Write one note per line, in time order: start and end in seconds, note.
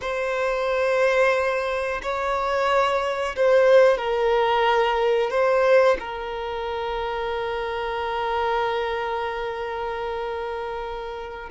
0.01 2.01 C5
2.02 3.35 C#5
3.35 3.97 C5
3.97 5.30 A#4
5.30 5.97 C5
5.99 11.49 A#4